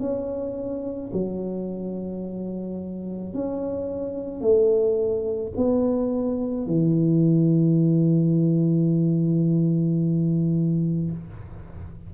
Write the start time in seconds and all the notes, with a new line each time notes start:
0.00 C#4
1.13 F#3
3.34 C#4
4.41 A3
5.57 B3
6.67 E3